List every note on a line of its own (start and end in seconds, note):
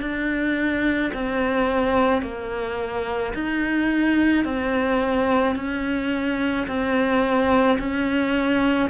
0.00 1.11 D4
1.13 2.22 C4
2.22 3.33 A#3
3.33 4.44 D#4
4.44 5.55 C4
5.56 6.67 C#4
6.67 7.78 C4
7.78 8.89 C#4